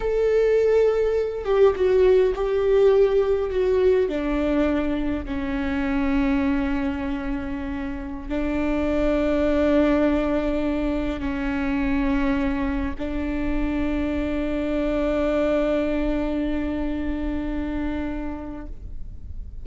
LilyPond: \new Staff \with { instrumentName = "viola" } { \time 4/4 \tempo 4 = 103 a'2~ a'8 g'8 fis'4 | g'2 fis'4 d'4~ | d'4 cis'2.~ | cis'2~ cis'16 d'4.~ d'16~ |
d'2.~ d'16 cis'8.~ | cis'2~ cis'16 d'4.~ d'16~ | d'1~ | d'1 | }